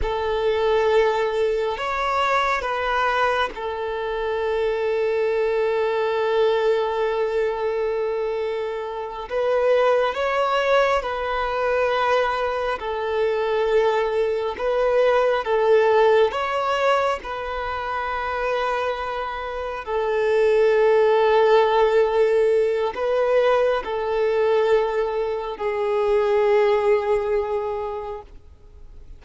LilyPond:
\new Staff \with { instrumentName = "violin" } { \time 4/4 \tempo 4 = 68 a'2 cis''4 b'4 | a'1~ | a'2~ a'8 b'4 cis''8~ | cis''8 b'2 a'4.~ |
a'8 b'4 a'4 cis''4 b'8~ | b'2~ b'8 a'4.~ | a'2 b'4 a'4~ | a'4 gis'2. | }